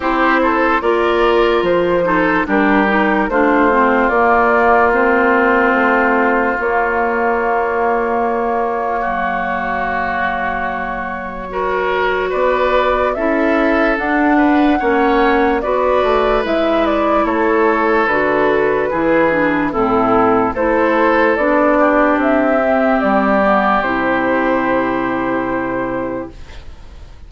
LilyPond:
<<
  \new Staff \with { instrumentName = "flute" } { \time 4/4 \tempo 4 = 73 c''4 d''4 c''4 ais'4 | c''4 d''4 c''2 | cis''1~ | cis''2. d''4 |
e''4 fis''2 d''4 | e''8 d''8 cis''4 b'2 | a'4 c''4 d''4 e''4 | d''4 c''2. | }
  \new Staff \with { instrumentName = "oboe" } { \time 4/4 g'8 a'8 ais'4. a'8 g'4 | f'1~ | f'2. fis'4~ | fis'2 ais'4 b'4 |
a'4. b'8 cis''4 b'4~ | b'4 a'2 gis'4 | e'4 a'4. g'4.~ | g'1 | }
  \new Staff \with { instrumentName = "clarinet" } { \time 4/4 e'4 f'4. dis'8 d'8 dis'8 | d'8 c'8 ais4 c'2 | ais1~ | ais2 fis'2 |
e'4 d'4 cis'4 fis'4 | e'2 fis'4 e'8 d'8 | c'4 e'4 d'4. c'8~ | c'8 b8 e'2. | }
  \new Staff \with { instrumentName = "bassoon" } { \time 4/4 c'4 ais4 f4 g4 | a4 ais2 a4 | ais2. fis4~ | fis2. b4 |
cis'4 d'4 ais4 b8 a8 | gis4 a4 d4 e4 | a,4 a4 b4 c'4 | g4 c2. | }
>>